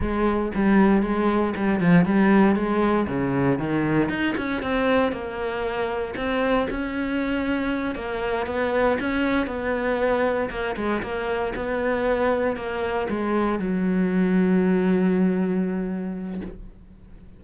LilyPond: \new Staff \with { instrumentName = "cello" } { \time 4/4 \tempo 4 = 117 gis4 g4 gis4 g8 f8 | g4 gis4 cis4 dis4 | dis'8 cis'8 c'4 ais2 | c'4 cis'2~ cis'8 ais8~ |
ais8 b4 cis'4 b4.~ | b8 ais8 gis8 ais4 b4.~ | b8 ais4 gis4 fis4.~ | fis1 | }